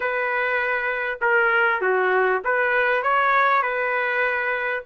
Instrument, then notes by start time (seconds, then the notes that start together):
trumpet
0.00 B4
1.21 A#4
1.81 F#4
2.44 B4
3.02 C#5
3.62 B4